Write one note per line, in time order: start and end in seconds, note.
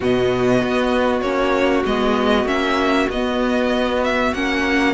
0.00 0.62 B2
0.00 1.23 B3
0.00 4.92 F#4
0.00 1.21 D#5
0.62 1.21 B3
1.21 1.83 A#3
1.21 1.85 C#4
1.21 1.83 C#5
1.85 2.44 G#3
1.85 2.46 B3
1.85 2.47 D#5
2.44 3.06 A#3
2.44 3.08 C#4
2.44 3.09 E5
3.09 4.32 B3
3.09 4.34 B3
3.09 4.03 D#5
4.03 4.34 E5
4.33 4.94 A#3
4.33 4.94 C#4
4.33 4.94 F#5